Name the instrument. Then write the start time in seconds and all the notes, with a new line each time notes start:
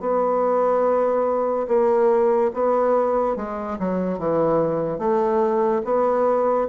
bassoon
0.00 B3
1.68 A#3
2.53 B3
3.36 G#3
3.79 F#3
4.19 E3
4.98 A3
5.84 B3